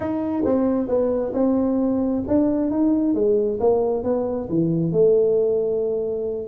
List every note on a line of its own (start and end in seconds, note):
0.00 0.43 D#4
0.45 0.88 C4
0.88 1.32 B3
1.33 2.23 C4
2.27 2.70 D4
2.70 3.14 D#4
3.14 3.59 G#3
3.59 4.03 A#3
4.03 4.48 B3
4.49 4.92 E3
4.92 6.47 A3